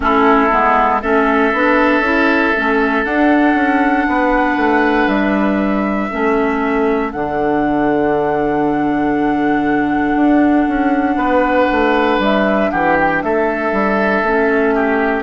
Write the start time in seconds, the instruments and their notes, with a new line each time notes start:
0.00 bassoon A3, clarinet C#4, oboe E4, flute A4
0.50 bassoon G#3, clarinet B3
1.01 bassoon A3, clarinet C#4, oboe A4, flute E5
1.53 bassoon B3, clarinet D4
2.00 bassoon C#4, clarinet E4
2.55 bassoon A3, clarinet C#4
3.04 bassoon D4, clarinet D4, flute F#5
3.54 bassoon C#4
4.08 bassoon B3, oboe B4
4.57 bassoon A3
5.07 bassoon G3, flute E5
6.10 bassoon A3, clarinet C#4, oboe A4
7.12 bassoon D3, clarinet D4, flute F#5
10.15 bassoon D4
10.68 bassoon C#4
11.16 bassoon B3, oboe B4
11.71 bassoon A3
12.18 bassoon G3, flute E5
12.71 bassoon E3, oboe G4, flute F#5
13.00 flute G5
13.22 bassoon A3, oboe A4, flute E5
13.72 bassoon G3
14.22 bassoon A3, clarinet C#4
14.75 oboe G4